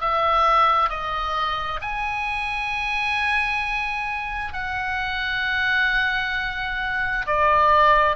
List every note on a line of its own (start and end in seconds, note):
0.00 0.89 E5
0.89 1.80 D#5
1.81 4.53 G#5
4.53 7.26 F#5
7.26 8.16 D5